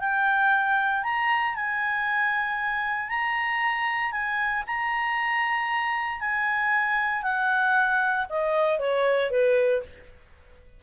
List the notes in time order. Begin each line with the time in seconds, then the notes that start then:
0.00 G5
1.04 A#5
1.55 G#5
3.09 A#5
4.12 G#5
4.67 A#5
6.21 G#5
7.23 F#5
8.30 D#5
8.79 C#5
9.31 B4